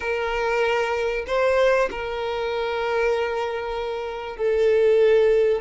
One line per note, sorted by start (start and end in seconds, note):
0.00 1.25 A#4
1.26 1.89 C5
1.90 4.36 A#4
4.36 5.61 A4